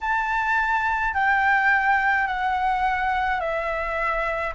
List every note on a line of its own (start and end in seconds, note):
0.01 1.14 A5
1.14 2.26 G5
2.26 3.40 F#5
3.40 4.53 E5